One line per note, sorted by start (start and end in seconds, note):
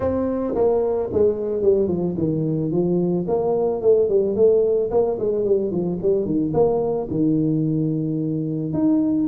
0.00 0.54 C4
0.55 1.09 A#3
1.12 1.61 G#3
1.61 1.88 G3
1.88 2.15 F3
2.17 2.71 D#3
2.71 3.26 F3
3.27 3.81 A#3
3.81 4.09 A3
4.09 4.35 G3
4.35 4.90 A3
4.90 5.17 A#3
5.19 5.44 G#3
5.44 5.71 G3
5.71 5.98 F3
6.01 6.25 G3
6.25 6.53 D#3
6.53 7.08 A#3
7.10 8.73 D#3
8.73 9.27 D#4